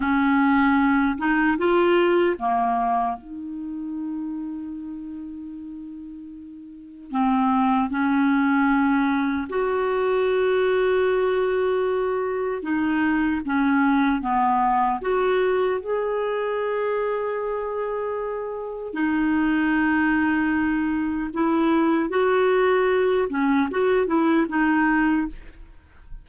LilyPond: \new Staff \with { instrumentName = "clarinet" } { \time 4/4 \tempo 4 = 76 cis'4. dis'8 f'4 ais4 | dis'1~ | dis'4 c'4 cis'2 | fis'1 |
dis'4 cis'4 b4 fis'4 | gis'1 | dis'2. e'4 | fis'4. cis'8 fis'8 e'8 dis'4 | }